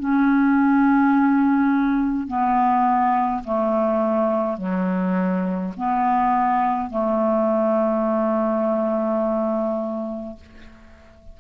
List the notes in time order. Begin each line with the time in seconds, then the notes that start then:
0.00 C#4
2.28 B3
3.45 A3
4.58 F#3
5.77 B3
6.90 A3